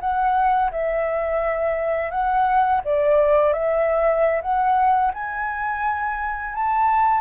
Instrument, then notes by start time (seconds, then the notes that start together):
flute
0.00 F#5
0.71 E5
2.10 F#5
2.84 D5
3.53 E5
4.41 F#5
5.14 G#5
6.54 A5